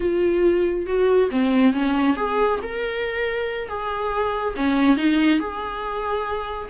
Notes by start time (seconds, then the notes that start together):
0.00 F4
0.86 F#4
1.30 C4
1.73 C#4
2.16 G#4
2.62 A#4
3.68 G#4
4.56 C#4
4.96 D#4
5.39 G#4